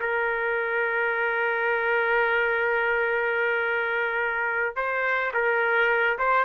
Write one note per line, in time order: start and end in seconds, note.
0.00 4.76 A#4
4.76 5.32 C5
5.34 6.18 A#4
6.18 6.45 C5